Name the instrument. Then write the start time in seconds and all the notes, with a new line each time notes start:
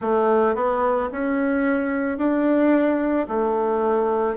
bassoon
0.01 A3
0.55 B3
1.12 C#4
2.18 D4
3.27 A3